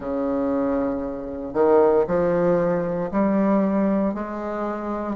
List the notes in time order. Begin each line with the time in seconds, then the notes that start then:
0.00 C#3
1.53 D#3
2.07 F3
3.11 G3
4.14 G#3